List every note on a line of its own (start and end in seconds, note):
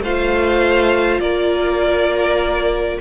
0.00 1.19 A3
0.00 3.01 F4
0.00 1.21 C5
0.00 1.20 F5
1.19 2.98 A#3
1.19 3.00 A#4
1.19 2.98 D5